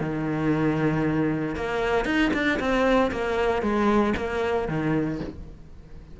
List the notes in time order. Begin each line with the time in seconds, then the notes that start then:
0.00 D#3
1.55 A#3
2.05 D#4
2.33 D4
2.59 C4
3.11 A#3
3.62 G#3
4.17 A#3
4.68 D#3